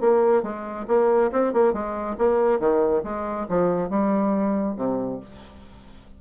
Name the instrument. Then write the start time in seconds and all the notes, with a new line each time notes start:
bassoon
0.00 A#3
0.42 G#3
0.88 A#3
1.32 C4
1.53 A#3
1.73 G#3
2.18 A#3
2.59 D#3
3.03 G#3
3.49 F3
3.89 G3
4.76 C3